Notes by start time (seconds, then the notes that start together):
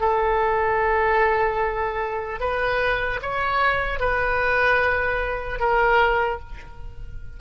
0.00 A4
2.40 B4
3.22 C#5
4.00 B4
5.60 A#4